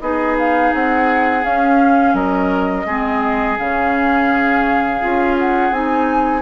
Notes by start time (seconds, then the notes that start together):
0.00 B3 D#4 G#4 D#5
0.38 F5
0.74 C4 F#5
1.43 C#4 F5
2.13 F#3 A#4 D#5
2.86 G#3 C4 G#4
3.58 C#3 C#4 F5
5.01 C#4 F4
5.38 F#5
5.71 C4 D#4 G#5